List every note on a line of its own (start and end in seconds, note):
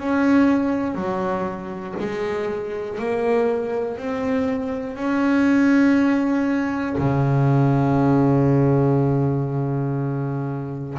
0.00 0.95 C#4
0.95 1.95 F#3
1.99 2.99 G#3
2.99 3.98 A#3
3.98 4.96 C4
4.96 6.96 C#4
6.98 10.98 C#3